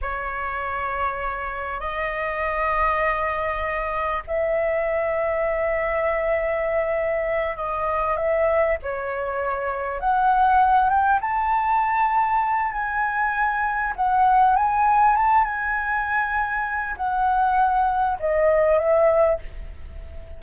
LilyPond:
\new Staff \with { instrumentName = "flute" } { \time 4/4 \tempo 4 = 99 cis''2. dis''4~ | dis''2. e''4~ | e''1~ | e''8 dis''4 e''4 cis''4.~ |
cis''8 fis''4. g''8 a''4.~ | a''4 gis''2 fis''4 | gis''4 a''8 gis''2~ gis''8 | fis''2 dis''4 e''4 | }